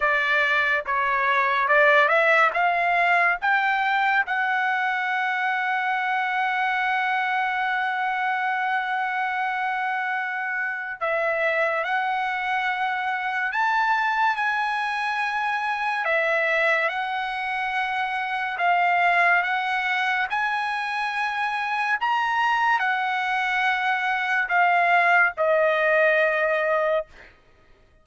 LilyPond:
\new Staff \with { instrumentName = "trumpet" } { \time 4/4 \tempo 4 = 71 d''4 cis''4 d''8 e''8 f''4 | g''4 fis''2.~ | fis''1~ | fis''4 e''4 fis''2 |
a''4 gis''2 e''4 | fis''2 f''4 fis''4 | gis''2 ais''4 fis''4~ | fis''4 f''4 dis''2 | }